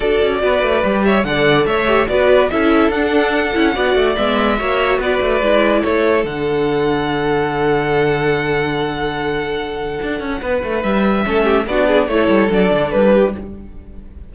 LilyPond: <<
  \new Staff \with { instrumentName = "violin" } { \time 4/4 \tempo 4 = 144 d''2~ d''8 e''8 fis''4 | e''4 d''4 e''4 fis''4~ | fis''2 e''2 | d''2 cis''4 fis''4~ |
fis''1~ | fis''1~ | fis''2 e''2 | d''4 cis''4 d''4 b'4 | }
  \new Staff \with { instrumentName = "violin" } { \time 4/4 a'4 b'4. cis''8 d''4 | cis''4 b'4 a'2~ | a'4 d''2 cis''4 | b'2 a'2~ |
a'1~ | a'1~ | a'4 b'2 a'8 g'8 | fis'8 gis'8 a'2~ a'8 g'8 | }
  \new Staff \with { instrumentName = "viola" } { \time 4/4 fis'2 g'4 a'4~ | a'8 g'8 fis'4 e'4 d'4~ | d'8 e'8 fis'4 b4 fis'4~ | fis'4 e'2 d'4~ |
d'1~ | d'1~ | d'2. cis'4 | d'4 e'4 d'2 | }
  \new Staff \with { instrumentName = "cello" } { \time 4/4 d'8 cis'8 b8 a8 g4 d4 | a4 b4 cis'4 d'4~ | d'8 cis'8 b8 a8 gis4 ais4 | b8 a8 gis4 a4 d4~ |
d1~ | d1 | d'8 cis'8 b8 a8 g4 a4 | b4 a8 g8 fis8 d8 g4 | }
>>